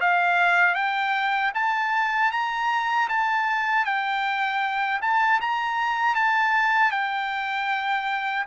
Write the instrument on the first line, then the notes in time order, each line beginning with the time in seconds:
trumpet
0.00 F5
0.74 G5
1.54 A5
2.31 A#5
3.08 A5
3.85 G5
5.01 A5
5.40 A#5
6.15 A5
6.91 G5